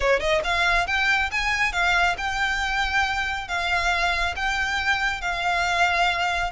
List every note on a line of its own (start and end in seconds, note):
0.00 0.20 C#5
0.20 0.41 D#5
0.43 0.86 F5
0.86 1.30 G5
1.31 1.72 G#5
1.72 2.16 F5
2.17 3.48 G5
3.48 4.35 F5
4.36 5.21 G5
5.21 6.51 F5